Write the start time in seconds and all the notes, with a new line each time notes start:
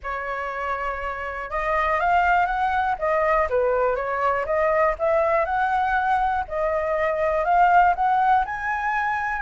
0.03 C#5
1.50 D#5
1.99 F5
2.45 F#5
2.98 D#5
3.49 B4
3.95 C#5
4.45 D#5
4.99 E5
5.45 F#5
6.47 D#5
7.44 F5
7.95 F#5
8.45 G#5